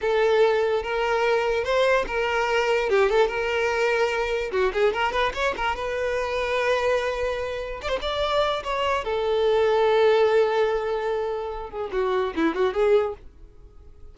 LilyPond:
\new Staff \with { instrumentName = "violin" } { \time 4/4 \tempo 4 = 146 a'2 ais'2 | c''4 ais'2 g'8 a'8 | ais'2. fis'8 gis'8 | ais'8 b'8 cis''8 ais'8 b'2~ |
b'2. d''16 c''16 d''8~ | d''4 cis''4 a'2~ | a'1~ | a'8 gis'8 fis'4 e'8 fis'8 gis'4 | }